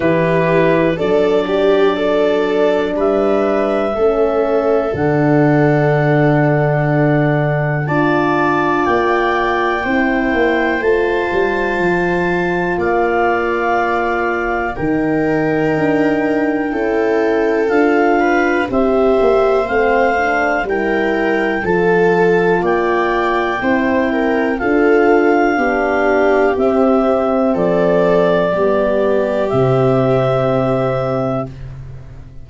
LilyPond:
<<
  \new Staff \with { instrumentName = "clarinet" } { \time 4/4 \tempo 4 = 61 b'4 d''2 e''4~ | e''4 fis''2. | a''4 g''2 a''4~ | a''4 f''2 g''4~ |
g''2 f''4 e''4 | f''4 g''4 a''4 g''4~ | g''4 f''2 e''4 | d''2 e''2 | }
  \new Staff \with { instrumentName = "viola" } { \time 4/4 g'4 a'8 g'8 a'4 b'4 | a'1 | d''2 c''2~ | c''4 d''2 ais'4~ |
ais'4 a'4. b'8 c''4~ | c''4 ais'4 a'4 d''4 | c''8 ais'8 a'4 g'2 | a'4 g'2. | }
  \new Staff \with { instrumentName = "horn" } { \time 4/4 e'4 d'2. | cis'4 d'2. | f'2 e'4 f'4~ | f'2. dis'4~ |
dis'4 e'4 f'4 g'4 | c'8 d'8 e'4 f'2 | e'4 f'4 d'4 c'4~ | c'4 b4 c'2 | }
  \new Staff \with { instrumentName = "tuba" } { \time 4/4 e4 fis2 g4 | a4 d2. | d'4 ais4 c'8 ais8 a8 g8 | f4 ais2 dis4 |
d'4 cis'4 d'4 c'8 ais8 | a4 g4 f4 ais4 | c'4 d'4 b4 c'4 | f4 g4 c2 | }
>>